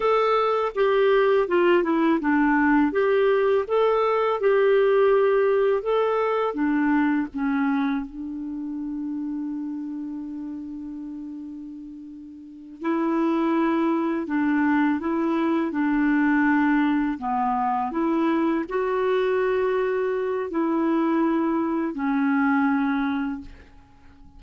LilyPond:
\new Staff \with { instrumentName = "clarinet" } { \time 4/4 \tempo 4 = 82 a'4 g'4 f'8 e'8 d'4 | g'4 a'4 g'2 | a'4 d'4 cis'4 d'4~ | d'1~ |
d'4. e'2 d'8~ | d'8 e'4 d'2 b8~ | b8 e'4 fis'2~ fis'8 | e'2 cis'2 | }